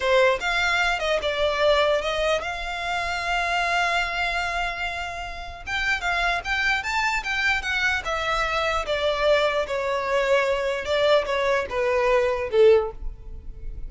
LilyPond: \new Staff \with { instrumentName = "violin" } { \time 4/4 \tempo 4 = 149 c''4 f''4. dis''8 d''4~ | d''4 dis''4 f''2~ | f''1~ | f''2 g''4 f''4 |
g''4 a''4 g''4 fis''4 | e''2 d''2 | cis''2. d''4 | cis''4 b'2 a'4 | }